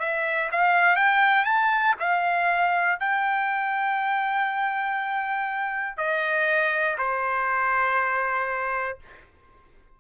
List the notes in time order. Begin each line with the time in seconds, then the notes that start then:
0.00 E5
0.52 F5
0.97 G5
1.45 A5
2.00 F5
3.00 G5
5.98 D#5
6.98 C5